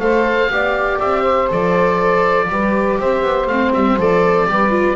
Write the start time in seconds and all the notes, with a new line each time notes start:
0.00 A3 A4 C5 F5
0.50 B3 G4 D5
1.00 C4 E5
1.22 C5
1.49 F3 A4 D5
2.50 G3 G4 B4
3.00 C4 C5 E5
3.22 B3
3.47 A3 C4 F5
3.74 G3 E5
3.97 F3 A4 D5
4.47 G3 G4 B4
4.71 F4